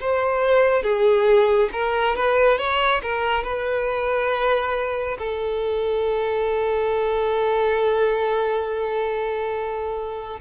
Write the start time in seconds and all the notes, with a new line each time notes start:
0.00 C5
0.83 G#4
1.72 A#4
2.16 B4
2.58 C#5
3.02 A#4
3.43 B4
5.18 A4